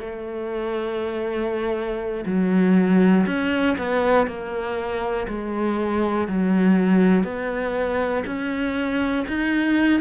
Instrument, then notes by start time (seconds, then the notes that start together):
cello
0.00 A3
2.26 F#3
3.27 C#4
3.78 B3
4.27 A#3
5.28 G#3
6.28 F#3
7.24 B3
8.27 C#4
9.28 D#4